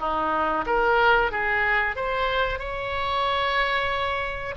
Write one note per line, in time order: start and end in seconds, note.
0.00 0.65 D#4
0.66 1.32 A#4
1.32 1.96 G#4
1.96 2.59 C5
2.59 4.55 C#5